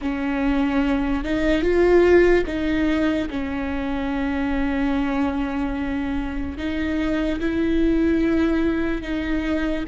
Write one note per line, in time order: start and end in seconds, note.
0.01 1.24 C#4
1.24 1.61 D#4
1.61 2.44 F4
2.46 3.28 D#4
3.30 6.57 C#4
6.57 7.39 D#4
7.40 9.02 E4
9.02 9.84 D#4